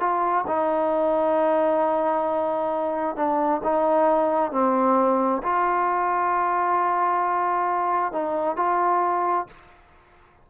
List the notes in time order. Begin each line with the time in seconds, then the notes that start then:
0.00 F4
0.48 D#4
3.16 D4
3.64 D#4
4.52 C4
5.43 F4
8.13 D#4
8.57 F4